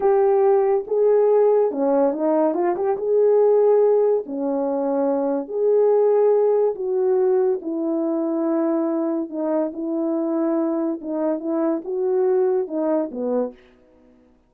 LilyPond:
\new Staff \with { instrumentName = "horn" } { \time 4/4 \tempo 4 = 142 g'2 gis'2 | cis'4 dis'4 f'8 g'8 gis'4~ | gis'2 cis'2~ | cis'4 gis'2. |
fis'2 e'2~ | e'2 dis'4 e'4~ | e'2 dis'4 e'4 | fis'2 dis'4 b4 | }